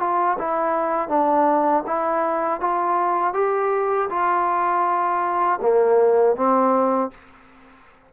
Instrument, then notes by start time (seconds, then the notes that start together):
trombone
0.00 F4
0.39 E4
1.08 D4
1.86 E4
2.60 F4
3.34 G4
4.10 F4
5.62 A#3
6.36 C4